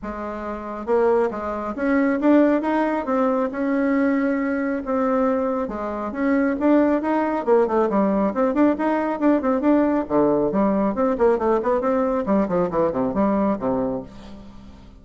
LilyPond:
\new Staff \with { instrumentName = "bassoon" } { \time 4/4 \tempo 4 = 137 gis2 ais4 gis4 | cis'4 d'4 dis'4 c'4 | cis'2. c'4~ | c'4 gis4 cis'4 d'4 |
dis'4 ais8 a8 g4 c'8 d'8 | dis'4 d'8 c'8 d'4 d4 | g4 c'8 ais8 a8 b8 c'4 | g8 f8 e8 c8 g4 c4 | }